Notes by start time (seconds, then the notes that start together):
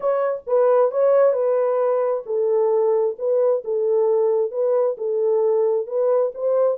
0.00 C#5
0.46 B4
0.91 C#5
1.32 B4
2.26 A4
3.18 B4
3.64 A4
4.51 B4
4.97 A4
5.86 B4
6.34 C5